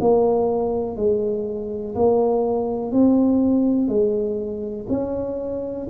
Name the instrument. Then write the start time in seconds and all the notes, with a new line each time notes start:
tuba
0.00 A#3
0.96 G#3
1.95 A#3
2.92 C4
3.88 G#3
4.89 C#4